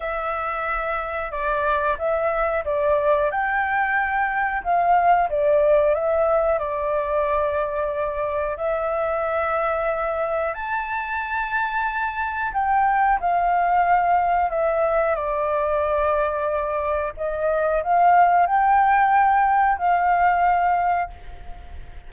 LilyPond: \new Staff \with { instrumentName = "flute" } { \time 4/4 \tempo 4 = 91 e''2 d''4 e''4 | d''4 g''2 f''4 | d''4 e''4 d''2~ | d''4 e''2. |
a''2. g''4 | f''2 e''4 d''4~ | d''2 dis''4 f''4 | g''2 f''2 | }